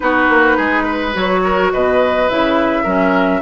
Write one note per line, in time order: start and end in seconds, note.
0.00 0.28 B3
0.00 1.12 D#4
0.00 0.56 F#4
0.00 1.13 B4
0.28 0.57 A#3
0.56 1.15 G#3
0.56 0.83 G#4
0.83 1.40 B4
1.13 1.72 F#3
1.13 2.28 F#4
1.13 1.72 C#5
1.43 1.72 A#4
1.72 2.30 B2
1.72 2.83 B4
1.72 2.29 D#5
2.29 2.84 C#3
2.29 2.85 E4
2.29 3.42 E5
2.83 3.41 F#3
2.83 3.42 C#4
2.83 3.40 A#4